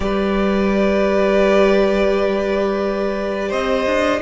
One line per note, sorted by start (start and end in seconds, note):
0.00 3.52 G3
0.00 4.22 G4
0.00 3.49 B4
0.00 3.51 D5
3.49 3.86 C4
3.49 4.19 C5
3.49 4.22 D#5
3.86 4.21 D4